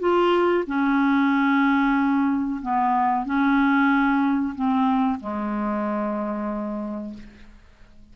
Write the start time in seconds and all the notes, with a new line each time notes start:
0.00 F4
0.67 C#4
2.62 B3
3.25 C#4
4.55 C4
5.20 G#3